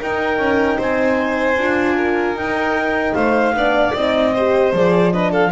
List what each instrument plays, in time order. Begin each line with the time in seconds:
0.00 horn D#4, double bass D#4, violin A#4, clarinet G5
0.38 double bass C#4
0.78 double bass C4, violin C5, clarinet G#5
1.57 double bass D4, horn F4
1.97 violin A#4
2.34 double bass D#4, clarinet G5
2.40 horn D#4
3.14 double bass A3, violin C5, clarinet F5
3.53 double bass B3, horn D4, violin D5
3.94 double bass C4, horn D#4, clarinet D#5
4.34 horn G4, violin C5
4.73 double bass F3, horn G#4, clarinet D5
5.12 horn D4, violin B4, clarinet D#5
5.31 violin A4, clarinet F5